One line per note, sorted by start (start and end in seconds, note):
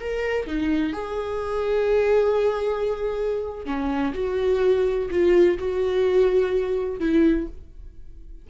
0.00 0.47 A#4
0.47 0.93 D#4
0.93 3.65 G#4
3.65 4.13 C#4
4.14 5.09 F#4
5.10 5.58 F4
5.58 6.99 F#4
6.99 7.47 E4